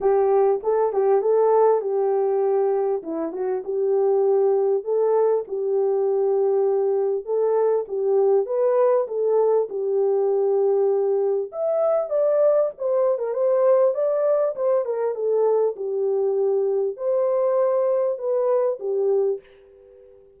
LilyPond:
\new Staff \with { instrumentName = "horn" } { \time 4/4 \tempo 4 = 99 g'4 a'8 g'8 a'4 g'4~ | g'4 e'8 fis'8 g'2 | a'4 g'2. | a'4 g'4 b'4 a'4 |
g'2. e''4 | d''4 c''8. ais'16 c''4 d''4 | c''8 ais'8 a'4 g'2 | c''2 b'4 g'4 | }